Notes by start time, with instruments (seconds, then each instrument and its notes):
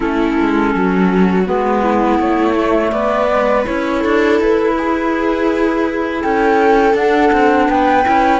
0.00 cello A3, clarinet C#4, viola E4, flute A4
0.40 cello G#3
0.74 cello F#3, viola F#4
1.46 cello G#3, clarinet B3, flute B4
1.82 viola E4
2.18 cello A3, flute C#5
2.55 clarinet A3
2.91 cello B3, viola B4, flute D5
3.30 clarinet G#3
3.64 cello C#4, clarinet E4, flute C#5
4.00 cello D4, viola A4
4.40 cello E4, flute B4
4.78 viola G#4
6.22 cello C#4, viola A4, flute G5
6.94 cello D4, clarinet D4, flute F#5
7.32 cello C4
7.68 cello B3, viola B4, flute G5
8.03 cello C#4, clarinet E4